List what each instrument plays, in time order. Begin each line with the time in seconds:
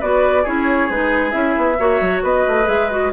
0.00 bassoon B3, clarinet F#4, oboe B4, flute D5
0.43 bassoon C#4, clarinet E4, oboe G#4, flute C#5
0.89 bassoon G#3, clarinet D#4, flute B4
1.31 bassoon C#4, clarinet E4, flute E5
1.57 bassoon B3
1.79 bassoon A#3, clarinet F#4, oboe C#5
2.01 bassoon F#3
2.23 bassoon B3, oboe B4, flute D#5
2.48 bassoon A3
2.64 bassoon G#3, clarinet G#4, flute E5
2.90 clarinet F#4, flute D#5